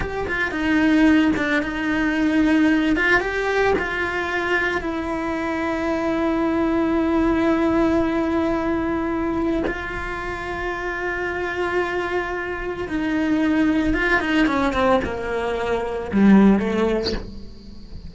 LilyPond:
\new Staff \with { instrumentName = "cello" } { \time 4/4 \tempo 4 = 112 g'8 f'8 dis'4. d'8 dis'4~ | dis'4. f'8 g'4 f'4~ | f'4 e'2.~ | e'1~ |
e'2 f'2~ | f'1 | dis'2 f'8 dis'8 cis'8 c'8 | ais2 g4 a4 | }